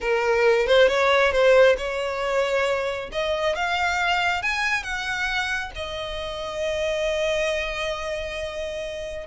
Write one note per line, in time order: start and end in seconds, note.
0.00 0.67 A#4
0.67 0.88 C5
0.88 1.31 C#5
1.31 1.75 C5
1.77 3.10 C#5
3.12 3.55 D#5
3.55 4.42 F5
4.42 4.83 G#5
4.83 5.71 F#5
5.75 9.26 D#5